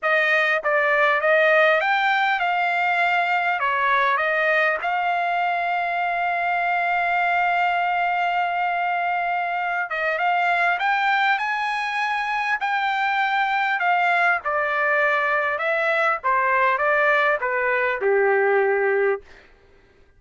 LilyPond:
\new Staff \with { instrumentName = "trumpet" } { \time 4/4 \tempo 4 = 100 dis''4 d''4 dis''4 g''4 | f''2 cis''4 dis''4 | f''1~ | f''1~ |
f''8 dis''8 f''4 g''4 gis''4~ | gis''4 g''2 f''4 | d''2 e''4 c''4 | d''4 b'4 g'2 | }